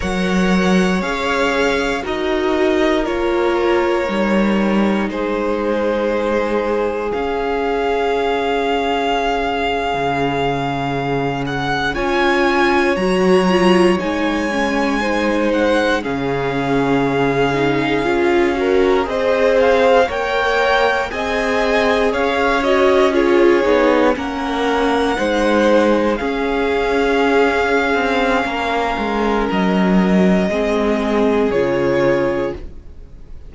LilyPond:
<<
  \new Staff \with { instrumentName = "violin" } { \time 4/4 \tempo 4 = 59 fis''4 f''4 dis''4 cis''4~ | cis''4 c''2 f''4~ | f''2.~ f''16 fis''8 gis''16~ | gis''8. ais''4 gis''4. fis''8 f''16~ |
f''2~ f''8. dis''8 f''8 g''16~ | g''8. gis''4 f''8 dis''8 cis''4 fis''16~ | fis''4.~ fis''16 f''2~ f''16~ | f''4 dis''2 cis''4 | }
  \new Staff \with { instrumentName = "violin" } { \time 4/4 cis''2 ais'2~ | ais'4 gis'2.~ | gis'2.~ gis'8. cis''16~ | cis''2~ cis''8. c''4 gis'16~ |
gis'2~ gis'16 ais'8 c''4 cis''16~ | cis''8. dis''4 cis''4 gis'4 ais'16~ | ais'8. c''4 gis'2~ gis'16 | ais'2 gis'2 | }
  \new Staff \with { instrumentName = "viola" } { \time 4/4 ais'4 gis'4 fis'4 f'4 | dis'2. cis'4~ | cis'2.~ cis'8. f'16~ | f'8. fis'8 f'8 dis'8 cis'8 dis'4 cis'16~ |
cis'4~ cis'16 dis'8 f'8 fis'8 gis'4 ais'16~ | ais'8. gis'4. fis'8 f'8 dis'8 cis'16~ | cis'8. dis'4 cis'2~ cis'16~ | cis'2 c'4 f'4 | }
  \new Staff \with { instrumentName = "cello" } { \time 4/4 fis4 cis'4 dis'4 ais4 | g4 gis2 cis'4~ | cis'4.~ cis'16 cis2 cis'16~ | cis'8. fis4 gis2 cis16~ |
cis4.~ cis16 cis'4 c'4 ais16~ | ais8. c'4 cis'4. b8 ais16~ | ais8. gis4 cis'4.~ cis'16 c'8 | ais8 gis8 fis4 gis4 cis4 | }
>>